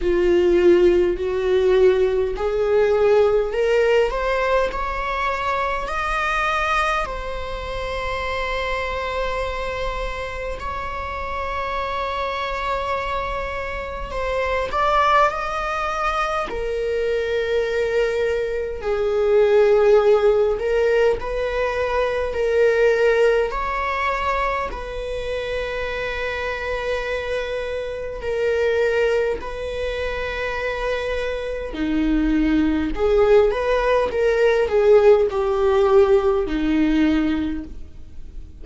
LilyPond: \new Staff \with { instrumentName = "viola" } { \time 4/4 \tempo 4 = 51 f'4 fis'4 gis'4 ais'8 c''8 | cis''4 dis''4 c''2~ | c''4 cis''2. | c''8 d''8 dis''4 ais'2 |
gis'4. ais'8 b'4 ais'4 | cis''4 b'2. | ais'4 b'2 dis'4 | gis'8 b'8 ais'8 gis'8 g'4 dis'4 | }